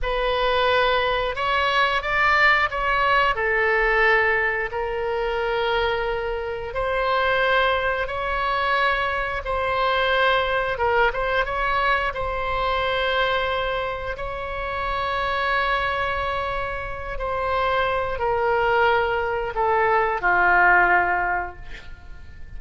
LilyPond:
\new Staff \with { instrumentName = "oboe" } { \time 4/4 \tempo 4 = 89 b'2 cis''4 d''4 | cis''4 a'2 ais'4~ | ais'2 c''2 | cis''2 c''2 |
ais'8 c''8 cis''4 c''2~ | c''4 cis''2.~ | cis''4. c''4. ais'4~ | ais'4 a'4 f'2 | }